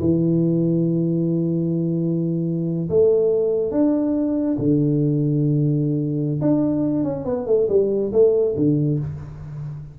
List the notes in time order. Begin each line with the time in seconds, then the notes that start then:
0.00 E3
2.90 A3
3.72 D4
4.59 D3
6.42 D4
7.04 C#4
7.25 B3
7.47 A3
7.69 G3
8.13 A3
8.56 D3